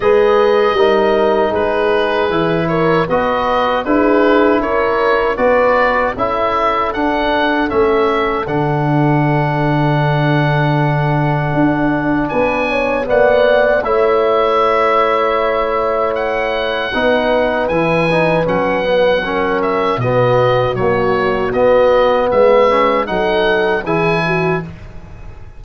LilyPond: <<
  \new Staff \with { instrumentName = "oboe" } { \time 4/4 \tempo 4 = 78 dis''2 b'4. cis''8 | dis''4 b'4 cis''4 d''4 | e''4 fis''4 e''4 fis''4~ | fis''1 |
gis''4 fis''4 e''2~ | e''4 fis''2 gis''4 | fis''4. e''8 dis''4 cis''4 | dis''4 e''4 fis''4 gis''4 | }
  \new Staff \with { instrumentName = "horn" } { \time 4/4 b'4 ais'4 gis'4. ais'8 | b'4 gis'4 ais'4 b'4 | a'1~ | a'1 |
b'8 cis''8 d''4 cis''2~ | cis''2 b'2~ | b'4 ais'4 fis'2~ | fis'4 b'4 a'4 gis'8 fis'8 | }
  \new Staff \with { instrumentName = "trombone" } { \time 4/4 gis'4 dis'2 e'4 | fis'4 e'2 fis'4 | e'4 d'4 cis'4 d'4~ | d'1~ |
d'4 b4 e'2~ | e'2 dis'4 e'8 dis'8 | cis'8 b8 cis'4 b4 fis4 | b4. cis'8 dis'4 e'4 | }
  \new Staff \with { instrumentName = "tuba" } { \time 4/4 gis4 g4 gis4 e4 | b4 d'4 cis'4 b4 | cis'4 d'4 a4 d4~ | d2. d'4 |
b4 ais4 a2~ | a2 b4 e4 | fis2 b,4 ais4 | b4 gis4 fis4 e4 | }
>>